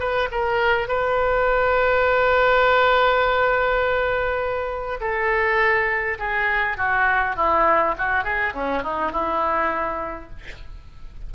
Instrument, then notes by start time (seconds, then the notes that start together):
oboe
0.00 B4
0.32 A#4
0.89 B4
5.01 A4
6.19 G#4
6.78 F#4
7.37 E4
7.99 F#4
8.24 G#4
8.55 C#4
8.83 D#4
9.13 E4